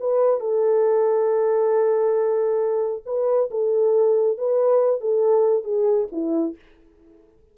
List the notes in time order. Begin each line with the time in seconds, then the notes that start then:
0.00 B4
0.40 A4
3.06 B4
3.51 A4
4.38 B4
5.01 A4
5.64 G#4
6.12 E4